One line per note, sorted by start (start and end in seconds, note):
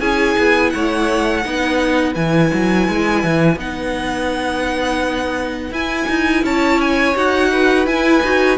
0.00 0.36 C#4
0.00 1.43 E4
0.00 0.71 G#4
0.00 0.71 G#5
0.38 0.74 B3
0.71 1.45 A3
0.71 1.45 C#5
0.71 2.14 F#5
1.45 2.16 B3
1.45 2.15 D#4
1.45 6.44 B4
2.15 2.52 E3
2.15 3.58 E4
2.15 3.58 G#5
2.54 2.89 F#3
2.89 3.24 G#3
3.24 3.57 E3
3.57 5.71 B3
3.57 5.73 D#4
3.57 5.74 F#5
5.71 6.07 E4
5.71 7.16 E4
5.71 6.45 G#5
6.09 6.44 D#4
6.44 7.15 C#4
6.44 7.51 C#5
6.44 6.81 A5
6.82 7.17 G#5
7.16 7.87 D#4
7.16 7.87 F#4
7.16 7.87 F#5
7.52 8.59 B4
7.87 8.22 E4
7.87 8.58 G#5
8.24 8.59 D#4
8.24 8.59 F#4